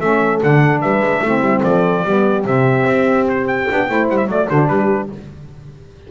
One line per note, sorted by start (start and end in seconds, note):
0.00 0.42 A3
0.00 0.42 C#4
0.00 0.82 A4
0.00 0.41 E5
0.43 0.83 D3
0.43 1.26 D4
0.43 0.81 F#5
0.81 1.01 G3
0.81 1.22 B4
0.81 1.63 E5
1.01 1.21 G#3
1.22 1.41 A3
1.22 2.06 C4
1.22 1.63 E4
1.41 1.61 G3
1.63 2.05 F3
1.63 2.04 A4
1.63 2.45 D5
2.04 2.45 G3
2.04 2.45 B3
2.04 3.88 G4
2.45 2.86 C3
2.45 3.67 C4
2.45 3.28 E5
2.87 3.68 C4
3.28 3.48 C5
3.48 4.09 G5
3.69 3.90 B3
3.69 3.89 D4
3.89 4.10 A3
3.89 4.28 E4
3.89 4.30 C5
4.10 4.28 G3
4.10 4.17 F#5
4.17 4.28 E5
4.28 4.48 F#3
4.28 4.49 A3
4.28 4.49 D5
4.49 4.69 D3
4.49 5.12 D4
4.49 4.69 F#4
4.49 4.69 C5
4.69 5.10 G3
4.69 5.10 G4
4.69 5.09 B4